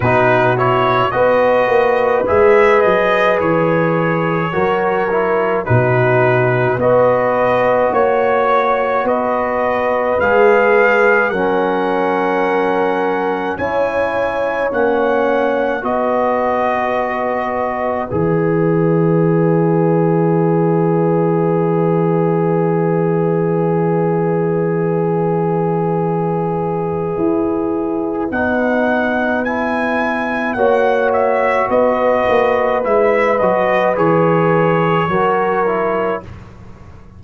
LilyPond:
<<
  \new Staff \with { instrumentName = "trumpet" } { \time 4/4 \tempo 4 = 53 b'8 cis''8 dis''4 e''8 dis''8 cis''4~ | cis''4 b'4 dis''4 cis''4 | dis''4 f''4 fis''2 | gis''4 fis''4 dis''2 |
e''1~ | e''1~ | e''4 fis''4 gis''4 fis''8 e''8 | dis''4 e''8 dis''8 cis''2 | }
  \new Staff \with { instrumentName = "horn" } { \time 4/4 fis'4 b'2. | ais'4 fis'4 b'4 cis''4 | b'2 ais'2 | cis''2 b'2~ |
b'1~ | b'1~ | b'2. cis''4 | b'2. ais'4 | }
  \new Staff \with { instrumentName = "trombone" } { \time 4/4 dis'8 e'8 fis'4 gis'2 | fis'8 e'8 dis'4 fis'2~ | fis'4 gis'4 cis'2 | e'4 cis'4 fis'2 |
gis'1~ | gis'1~ | gis'4 dis'4 e'4 fis'4~ | fis'4 e'8 fis'8 gis'4 fis'8 e'8 | }
  \new Staff \with { instrumentName = "tuba" } { \time 4/4 b,4 b8 ais8 gis8 fis8 e4 | fis4 b,4 b4 ais4 | b4 gis4 fis2 | cis'4 ais4 b2 |
e1~ | e1 | e'4 b2 ais4 | b8 ais8 gis8 fis8 e4 fis4 | }
>>